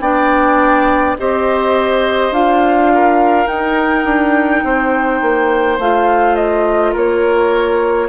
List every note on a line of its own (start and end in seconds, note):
0.00 1.15 B3
0.00 1.17 D4
0.00 1.17 D5
0.00 1.16 G5
1.18 2.31 C4
1.18 2.33 G4
1.18 2.92 C5
1.18 2.33 D#5
2.31 3.46 D4
2.31 3.46 F4
2.31 3.47 F5
2.94 4.64 A#4
3.46 5.77 D#4
3.46 4.04 D#4
3.46 5.78 G5
4.04 4.62 D4
4.63 5.21 C4
4.63 6.92 C5
5.21 5.78 A#3
5.78 6.94 A3
5.78 8.08 F4
5.78 6.35 F5
6.35 6.93 D#5
6.92 8.08 A#3
6.92 8.07 A#4
6.92 8.08 C#5